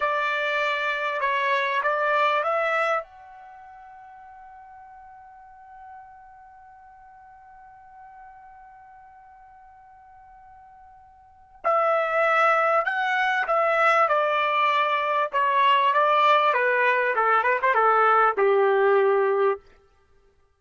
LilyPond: \new Staff \with { instrumentName = "trumpet" } { \time 4/4 \tempo 4 = 98 d''2 cis''4 d''4 | e''4 fis''2.~ | fis''1~ | fis''1~ |
fis''2. e''4~ | e''4 fis''4 e''4 d''4~ | d''4 cis''4 d''4 b'4 | a'8 b'16 c''16 a'4 g'2 | }